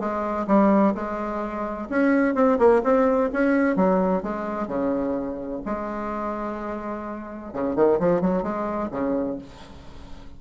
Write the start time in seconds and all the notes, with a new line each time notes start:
0.00 G#3
0.48 G3
0.95 G#3
1.90 C#4
2.35 C4
2.59 A#3
2.84 C4
3.33 C#4
3.76 F#3
4.23 G#3
4.68 C#3
5.66 G#3
7.53 C#3
7.76 D#3
8.00 F3
8.21 F#3
8.43 G#3
8.91 C#3